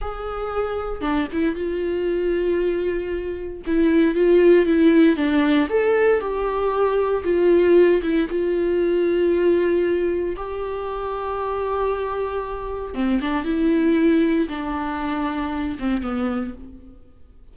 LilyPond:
\new Staff \with { instrumentName = "viola" } { \time 4/4 \tempo 4 = 116 gis'2 d'8 e'8 f'4~ | f'2. e'4 | f'4 e'4 d'4 a'4 | g'2 f'4. e'8 |
f'1 | g'1~ | g'4 c'8 d'8 e'2 | d'2~ d'8 c'8 b4 | }